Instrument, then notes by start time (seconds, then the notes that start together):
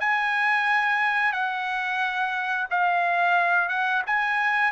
trumpet
0.00 G#5
1.32 F#5
2.71 F5
3.69 F#5
4.07 G#5